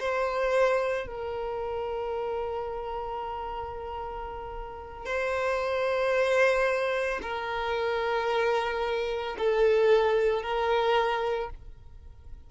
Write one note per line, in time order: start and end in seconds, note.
0.00 1.07 C5
1.07 5.06 A#4
5.06 7.20 C5
7.23 9.37 A#4
9.38 10.43 A4
10.43 11.50 A#4